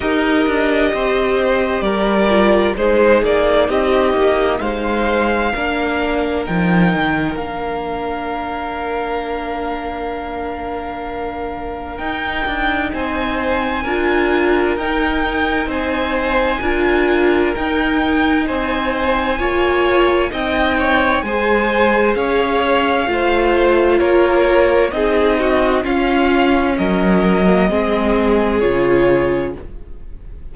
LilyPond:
<<
  \new Staff \with { instrumentName = "violin" } { \time 4/4 \tempo 4 = 65 dis''2 d''4 c''8 d''8 | dis''4 f''2 g''4 | f''1~ | f''4 g''4 gis''2 |
g''4 gis''2 g''4 | gis''2 g''4 gis''4 | f''2 cis''4 dis''4 | f''4 dis''2 cis''4 | }
  \new Staff \with { instrumentName = "violin" } { \time 4/4 ais'4 c''4 ais'4 gis'4 | g'4 c''4 ais'2~ | ais'1~ | ais'2 c''4 ais'4~ |
ais'4 c''4 ais'2 | c''4 cis''4 dis''8 cis''8 c''4 | cis''4 c''4 ais'4 gis'8 fis'8 | f'4 ais'4 gis'2 | }
  \new Staff \with { instrumentName = "viola" } { \time 4/4 g'2~ g'8 f'8 dis'4~ | dis'2 d'4 dis'4 | d'1~ | d'4 dis'2 f'4 |
dis'2 f'4 dis'4~ | dis'4 f'4 dis'4 gis'4~ | gis'4 f'2 dis'4 | cis'4.~ cis'16 ais16 c'4 f'4 | }
  \new Staff \with { instrumentName = "cello" } { \time 4/4 dis'8 d'8 c'4 g4 gis8 ais8 | c'8 ais8 gis4 ais4 f8 dis8 | ais1~ | ais4 dis'8 d'8 c'4 d'4 |
dis'4 c'4 d'4 dis'4 | c'4 ais4 c'4 gis4 | cis'4 a4 ais4 c'4 | cis'4 fis4 gis4 cis4 | }
>>